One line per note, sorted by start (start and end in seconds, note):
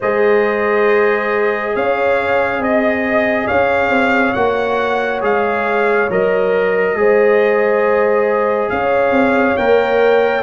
0.00 1.75 G#3
0.00 4.36 G#4
0.00 1.74 C5
0.00 1.75 D#5
1.75 2.59 C#4
1.75 2.61 C#5
1.75 2.62 F5
2.59 3.45 C4
2.59 3.47 D#5
3.47 3.89 C#4
3.47 6.95 C#5
3.47 4.33 F5
3.89 4.32 C4
4.33 5.22 A#3
4.33 5.21 F#4
4.33 5.20 F#5
5.21 6.09 G#3
5.21 6.08 G#4
5.21 6.11 F5
6.09 6.95 F#3
6.09 6.96 A#4
6.09 8.69 D#5
6.95 8.68 G#3
6.95 9.57 G#4
6.95 8.72 C5
8.69 9.10 C#4
8.69 10.42 C#5
8.69 9.56 F5
9.10 9.54 C4
9.56 10.42 A#3
9.56 10.42 A#4
9.56 10.42 G5